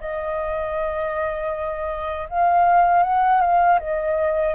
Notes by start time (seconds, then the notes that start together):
0.00 D#5
2.29 F5
3.03 F#5
3.41 F5
3.79 D#5